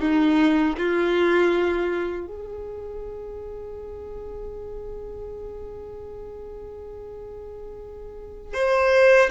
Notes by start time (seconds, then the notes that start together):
0.00 D#4
0.77 F4
2.27 G#4
8.54 C5